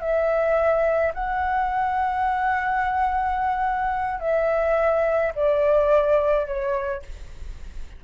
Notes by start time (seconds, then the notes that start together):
0.00 E5
1.14 F#5
4.20 E5
5.35 D5
6.46 C#5